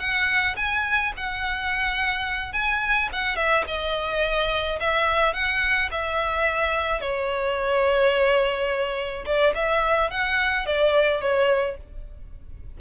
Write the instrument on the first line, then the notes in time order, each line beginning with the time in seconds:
violin
0.00 F#5
0.57 G#5
1.17 F#5
2.53 G#5
3.12 F#5
3.36 E5
3.68 D#5
4.80 E5
5.34 F#5
5.92 E5
7.01 C#5
9.26 D5
9.55 E5
10.11 F#5
10.66 D5
11.21 C#5